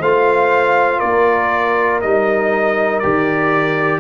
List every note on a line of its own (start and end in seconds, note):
0.00 1.00 A3
0.00 2.03 F4
0.00 0.99 C5
0.00 1.00 F5
0.99 2.03 A#3
0.99 3.99 A#4
0.99 2.00 D5
2.01 3.03 G3
2.01 3.03 D#4
2.01 2.99 D#5
2.99 4.00 D#3
2.99 4.00 G4
2.99 3.99 D5